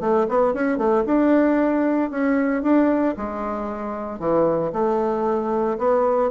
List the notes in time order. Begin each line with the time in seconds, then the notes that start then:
0.00 A3
0.28 B3
0.54 C#4
0.77 A3
1.06 D4
2.10 C#4
2.62 D4
3.17 G#3
4.19 E3
4.72 A3
5.78 B3